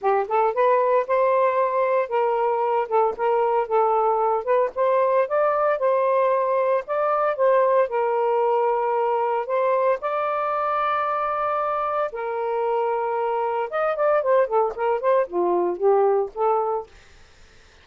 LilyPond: \new Staff \with { instrumentName = "saxophone" } { \time 4/4 \tempo 4 = 114 g'8 a'8 b'4 c''2 | ais'4. a'8 ais'4 a'4~ | a'8 b'8 c''4 d''4 c''4~ | c''4 d''4 c''4 ais'4~ |
ais'2 c''4 d''4~ | d''2. ais'4~ | ais'2 dis''8 d''8 c''8 a'8 | ais'8 c''8 f'4 g'4 a'4 | }